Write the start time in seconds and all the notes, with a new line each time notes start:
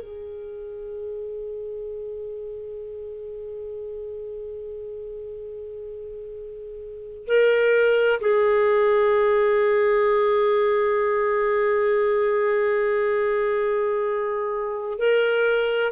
0.00 G#4
7.27 A#4
8.21 G#4
14.99 A#4